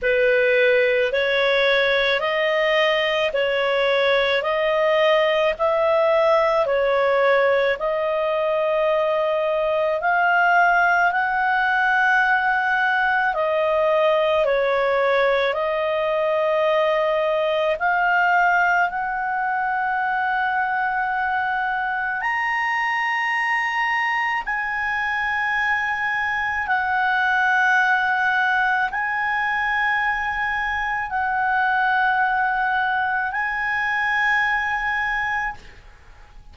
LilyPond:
\new Staff \with { instrumentName = "clarinet" } { \time 4/4 \tempo 4 = 54 b'4 cis''4 dis''4 cis''4 | dis''4 e''4 cis''4 dis''4~ | dis''4 f''4 fis''2 | dis''4 cis''4 dis''2 |
f''4 fis''2. | ais''2 gis''2 | fis''2 gis''2 | fis''2 gis''2 | }